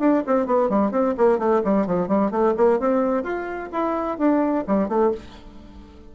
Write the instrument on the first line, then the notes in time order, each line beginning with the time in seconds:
bassoon
0.00 D4
0.27 C4
0.47 B3
0.70 G3
0.92 C4
1.18 A#3
1.39 A3
1.64 G3
1.87 F3
2.08 G3
2.32 A3
2.57 A#3
2.80 C4
3.24 F4
3.73 E4
4.19 D4
4.68 G3
4.89 A3